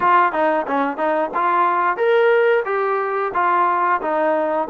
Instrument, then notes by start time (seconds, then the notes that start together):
trombone
0.00 F4
0.32 D#4
0.67 C#4
0.97 D#4
1.34 F4
1.96 A#4
2.65 G4
3.34 F4
4.01 D#4